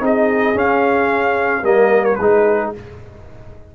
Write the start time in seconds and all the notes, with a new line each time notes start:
0.00 C4 D#4 G#4 D#5
0.54 C#4 F5
1.62 G3 A#3 A#4 D#5
2.04 C#5
2.15 G#3 D#4 G#4 B4